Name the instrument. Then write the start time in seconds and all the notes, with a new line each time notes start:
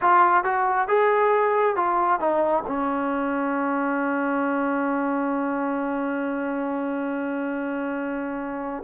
trombone
0.01 F4
0.44 F#4
0.87 G#4
1.76 F4
2.20 D#4
2.67 C#4